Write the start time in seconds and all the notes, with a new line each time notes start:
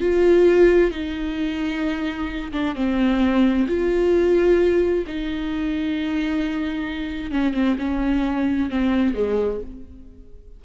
0.00 F4
0.91 D#4
2.52 D4
2.75 C4
3.67 F4
5.07 D#4
7.31 C#4
7.53 C4
7.78 C#4
8.70 C4
9.14 G#3